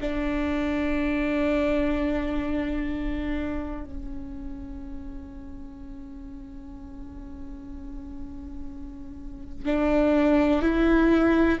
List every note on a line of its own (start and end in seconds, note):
0.00 3.84 D4
3.84 9.65 C#4
9.65 10.61 D4
10.61 11.58 E4